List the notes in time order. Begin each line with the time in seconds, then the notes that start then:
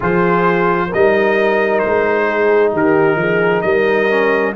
0.00 F3 F4 G#4 C5
0.88 G3 D#4 A#4 D#5
1.79 G#3 C5
2.26 G#4
2.72 D#3 G4 A#4
3.16 F3 G#4
3.61 G3 A#4 D#5
4.09 C#4